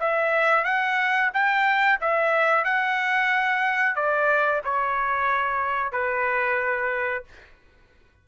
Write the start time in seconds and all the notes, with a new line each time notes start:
0.00 E5
0.64 F#5
1.34 G5
2.01 E5
2.64 F#5
3.96 D5
4.65 C#5
5.92 B4